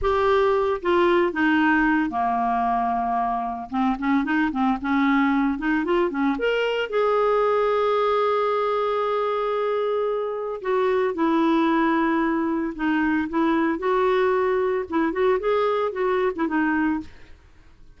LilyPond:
\new Staff \with { instrumentName = "clarinet" } { \time 4/4 \tempo 4 = 113 g'4. f'4 dis'4. | ais2. c'8 cis'8 | dis'8 c'8 cis'4. dis'8 f'8 cis'8 | ais'4 gis'2.~ |
gis'1 | fis'4 e'2. | dis'4 e'4 fis'2 | e'8 fis'8 gis'4 fis'8. e'16 dis'4 | }